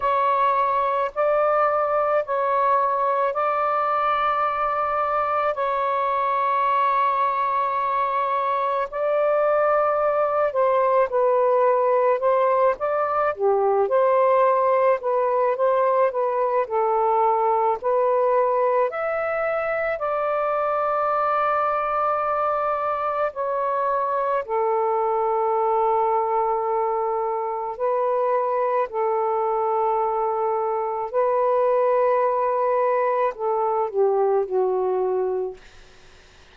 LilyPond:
\new Staff \with { instrumentName = "saxophone" } { \time 4/4 \tempo 4 = 54 cis''4 d''4 cis''4 d''4~ | d''4 cis''2. | d''4. c''8 b'4 c''8 d''8 | g'8 c''4 b'8 c''8 b'8 a'4 |
b'4 e''4 d''2~ | d''4 cis''4 a'2~ | a'4 b'4 a'2 | b'2 a'8 g'8 fis'4 | }